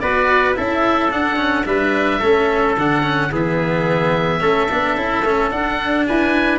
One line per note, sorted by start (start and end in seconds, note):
0.00 0.56 B3
0.00 0.54 F#4
0.00 0.57 B4
0.00 0.55 D5
0.54 1.12 C#4
0.54 1.09 E4
0.54 1.67 A4
0.54 1.11 E5
1.10 1.36 D4
1.10 1.66 D4
1.10 1.66 F#5
1.36 1.63 C#4
1.65 2.21 G3
1.65 2.21 D4
1.65 2.19 B4
1.65 2.76 E5
2.19 2.77 A3
2.19 2.77 C#4
2.19 3.29 A4
2.77 3.31 D3
2.77 3.03 D4
2.77 3.33 F#5
3.03 3.30 C#4
3.31 4.41 E3
3.31 4.40 B3
3.31 4.41 G#4
3.31 5.50 E5
4.40 4.69 A3
4.40 4.68 C#4
4.40 6.06 A4
4.71 4.96 B3
4.71 4.97 D4
4.96 5.23 C#4
4.96 5.24 E4
5.23 5.50 A3
5.23 5.51 C#4
5.50 6.59 D4
5.50 6.07 D4
5.50 6.05 F#5
6.07 6.59 E4
6.07 6.59 B4
6.07 6.59 G#5